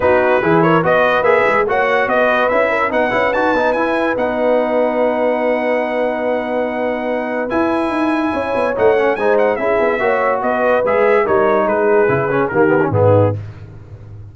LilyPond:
<<
  \new Staff \with { instrumentName = "trumpet" } { \time 4/4 \tempo 4 = 144 b'4. cis''8 dis''4 e''4 | fis''4 dis''4 e''4 fis''4 | a''4 gis''4 fis''2~ | fis''1~ |
fis''2 gis''2~ | gis''4 fis''4 gis''8 fis''8 e''4~ | e''4 dis''4 e''4 cis''4 | b'2 ais'4 gis'4 | }
  \new Staff \with { instrumentName = "horn" } { \time 4/4 fis'4 gis'8 ais'8 b'2 | cis''4 b'4. ais'8 b'4~ | b'1~ | b'1~ |
b'1 | cis''2 c''4 gis'4 | cis''4 b'2 ais'4 | gis'2 g'4 dis'4 | }
  \new Staff \with { instrumentName = "trombone" } { \time 4/4 dis'4 e'4 fis'4 gis'4 | fis'2 e'4 dis'8 e'8 | fis'8 dis'8 e'4 dis'2~ | dis'1~ |
dis'2 e'2~ | e'4 dis'8 cis'8 dis'4 e'4 | fis'2 gis'4 dis'4~ | dis'4 e'8 cis'8 ais8 b16 cis'16 b4 | }
  \new Staff \with { instrumentName = "tuba" } { \time 4/4 b4 e4 b4 ais8 gis8 | ais4 b4 cis'4 b8 cis'8 | dis'8 b8 e'4 b2~ | b1~ |
b2 e'4 dis'4 | cis'8 b8 a4 gis4 cis'8 b8 | ais4 b4 gis4 g4 | gis4 cis4 dis4 gis,4 | }
>>